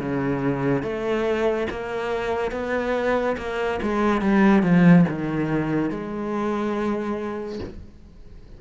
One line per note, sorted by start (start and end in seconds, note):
0.00 0.83 C#3
0.83 1.67 A3
1.71 2.52 A#3
2.52 3.36 B3
3.38 3.80 A#3
3.82 4.21 G#3
4.21 4.63 G3
4.63 5.05 F3
5.09 5.90 D#3
5.90 7.59 G#3